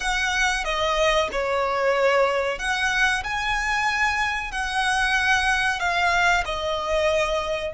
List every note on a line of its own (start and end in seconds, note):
0.00 0.64 F#5
0.64 1.28 D#5
1.32 2.58 C#5
2.58 3.23 F#5
3.23 4.51 G#5
4.51 5.79 F#5
5.79 6.44 F5
6.45 7.74 D#5